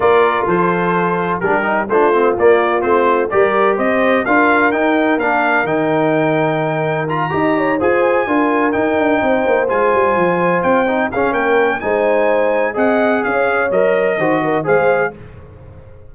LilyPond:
<<
  \new Staff \with { instrumentName = "trumpet" } { \time 4/4 \tempo 4 = 127 d''4 c''2 ais'4 | c''4 d''4 c''4 d''4 | dis''4 f''4 g''4 f''4 | g''2. ais''4~ |
ais''8 gis''2 g''4.~ | g''8 gis''2 g''4 f''8 | g''4 gis''2 fis''4 | f''4 dis''2 f''4 | }
  \new Staff \with { instrumentName = "horn" } { \time 4/4 ais'4 a'2 g'4 | f'2. ais'4 | c''4 ais'2.~ | ais'2.~ ais'8 dis''8 |
cis''8 c''4 ais'2 c''8~ | c''2.~ c''8 gis'8 | ais'4 c''2 dis''4 | cis''2 c''8 ais'8 c''4 | }
  \new Staff \with { instrumentName = "trombone" } { \time 4/4 f'2. d'8 dis'8 | d'8 c'8 ais4 c'4 g'4~ | g'4 f'4 dis'4 d'4 | dis'2. f'8 g'8~ |
g'8 gis'4 f'4 dis'4.~ | dis'8 f'2~ f'8 dis'8 cis'8~ | cis'4 dis'2 gis'4~ | gis'4 ais'4 fis'4 gis'4 | }
  \new Staff \with { instrumentName = "tuba" } { \time 4/4 ais4 f2 g4 | a4 ais4 a4 g4 | c'4 d'4 dis'4 ais4 | dis2.~ dis8 dis'8~ |
dis'8 f'4 d'4 dis'8 d'8 c'8 | ais8 gis8 g8 f4 c'4 cis'8 | ais4 gis2 c'4 | cis'4 fis4 dis4 gis4 | }
>>